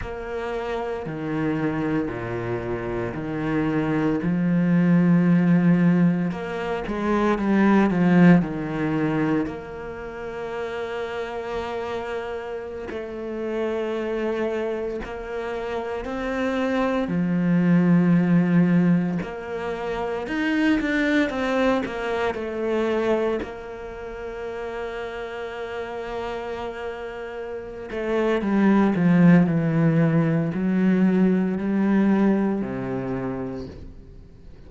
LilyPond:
\new Staff \with { instrumentName = "cello" } { \time 4/4 \tempo 4 = 57 ais4 dis4 ais,4 dis4 | f2 ais8 gis8 g8 f8 | dis4 ais2.~ | ais16 a2 ais4 c'8.~ |
c'16 f2 ais4 dis'8 d'16~ | d'16 c'8 ais8 a4 ais4.~ ais16~ | ais2~ ais8 a8 g8 f8 | e4 fis4 g4 c4 | }